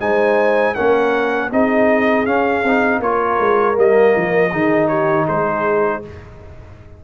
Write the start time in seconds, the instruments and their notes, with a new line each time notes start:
0.00 tuba G#3, trombone D#4, horn C5, trumpet G#5
0.74 tuba A#3, trombone C#4, horn A#4, trumpet F#5
1.51 tuba C4, trombone D#4, horn G#4, trumpet D#5
2.26 trombone C#4, tuba C#4, trumpet F5
2.64 tuba C4, trombone D#4
3.00 tuba A#3, trombone F4, horn A#4, trumpet C#5
3.40 tuba G#3
3.75 tuba G3, trombone A#3, trumpet D#5
4.16 tuba F3
4.51 tuba D#3, trombone D#4, horn G#4
4.88 horn G4, trumpet C#5
5.26 tuba G#3, horn G#4, trumpet C5